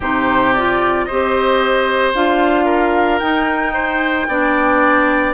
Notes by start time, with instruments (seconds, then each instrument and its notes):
0.00 bassoon C3, clarinet D#4, oboe G4, flute C5
0.53 clarinet F4, flute D5
1.05 bassoon C4, clarinet G4, oboe C5, flute D#5
2.14 bassoon D4, clarinet F4, flute F5
2.65 oboe A#4
3.19 bassoon D#4, clarinet D#4, flute G5
3.73 oboe C5
4.27 bassoon B3, clarinet D4, oboe D5